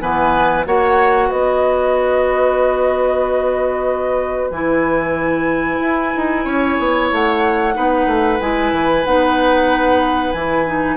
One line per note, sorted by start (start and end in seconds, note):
0.00 0.66 E3
0.00 0.65 B3
0.00 0.66 B4
0.00 0.65 G#5
0.65 1.30 A#3
0.65 4.52 F#4
0.65 1.29 C#5
0.65 1.30 F#5
1.29 4.50 B3
1.29 6.45 B4
1.29 4.50 D#5
4.50 5.79 E3
4.50 7.74 E4
4.50 7.08 G#5
5.81 6.13 E4
6.16 6.45 D#4
6.45 6.77 C#4
6.45 7.74 C#5
6.79 7.11 B3
7.11 7.76 A3
7.11 8.41 F#5
7.74 8.06 B3
7.74 8.38 D#4
7.74 10.96 B4
8.06 8.38 A3
8.40 8.72 G#3
8.40 9.05 E4
8.40 9.04 G#5
8.72 9.04 E3
9.04 10.33 B3
9.04 10.34 D#4
9.04 10.32 F#5
10.32 10.96 E3
10.32 10.66 E4
10.32 10.96 G#5
10.66 10.96 D#4